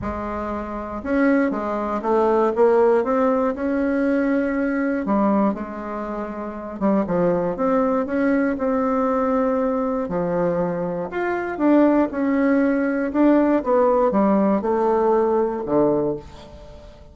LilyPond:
\new Staff \with { instrumentName = "bassoon" } { \time 4/4 \tempo 4 = 119 gis2 cis'4 gis4 | a4 ais4 c'4 cis'4~ | cis'2 g4 gis4~ | gis4. g8 f4 c'4 |
cis'4 c'2. | f2 f'4 d'4 | cis'2 d'4 b4 | g4 a2 d4 | }